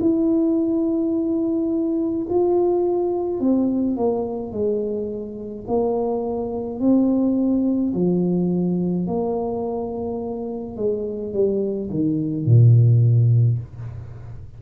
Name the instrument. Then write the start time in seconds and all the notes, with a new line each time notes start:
tuba
0.00 E4
2.29 F4
3.40 C4
3.96 A#3
4.52 G#3
5.68 A#3
6.80 C4
7.93 F3
9.07 A#3
10.77 G#3
11.33 G3
11.90 D#3
12.46 A#2